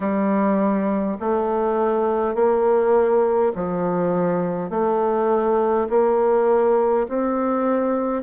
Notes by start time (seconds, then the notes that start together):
0.00 G3
1.20 A3
2.34 A#3
3.55 F3
4.70 A3
5.89 A#3
7.08 C4